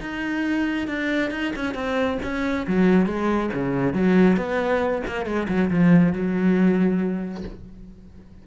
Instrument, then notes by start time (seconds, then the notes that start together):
cello
0.00 D#4
0.87 D4
1.31 D#4
1.55 C#4
1.74 C4
2.22 C#4
2.67 F#3
3.06 G#3
3.53 C#3
3.93 F#3
4.37 B3
5.07 A#3
5.25 G#3
5.48 F#3
5.70 F3
6.12 F#3